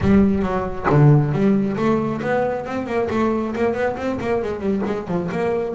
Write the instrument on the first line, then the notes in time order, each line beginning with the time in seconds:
double bass
0.01 G3
0.42 F#3
0.89 D3
1.32 G3
1.76 A3
2.21 B3
2.65 C4
2.86 A#3
3.10 A3
3.55 A#3
3.73 B3
3.96 C4
4.20 A#3
4.42 G#3
4.59 G3
4.85 G#3
5.07 F3
5.31 A#3